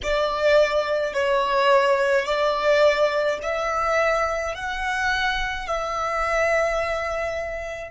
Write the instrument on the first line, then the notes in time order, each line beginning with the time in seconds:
violin
0.03 D5
1.13 C#5
2.25 D5
3.42 E5
4.54 F#5
5.67 E5